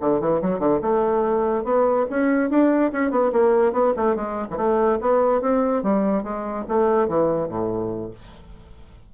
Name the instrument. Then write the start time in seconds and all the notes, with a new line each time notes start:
bassoon
0.00 D3
0.20 E3
0.41 F#3
0.59 D3
0.81 A3
1.64 B3
2.09 C#4
2.50 D4
2.92 C#4
3.10 B3
3.32 A#3
3.72 B3
3.96 A3
4.15 G#3
4.50 E3
4.57 A3
5.00 B3
5.41 C4
5.83 G3
6.23 G#3
6.68 A3
7.08 E3
7.48 A2